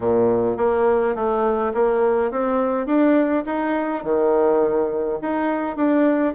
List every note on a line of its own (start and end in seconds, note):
0.00 0.57 A#2
0.57 1.15 A#3
1.15 1.73 A3
1.73 2.31 A#3
2.31 2.86 C4
2.86 3.44 D4
3.46 4.03 D#4
4.03 5.19 D#3
5.21 5.76 D#4
5.76 6.34 D4